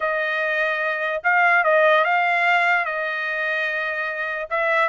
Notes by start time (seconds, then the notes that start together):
0.00 D#5
1.23 F5
1.63 D#5
2.04 F5
2.85 D#5
4.50 E5